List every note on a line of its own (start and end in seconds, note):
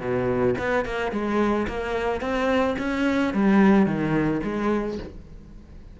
0.00 0.55 B2
0.59 0.86 B3
0.86 1.12 A#3
1.12 1.67 G#3
1.68 2.21 A#3
2.21 2.76 C4
2.79 3.34 C#4
3.34 3.86 G3
3.86 4.41 D#3
4.43 4.98 G#3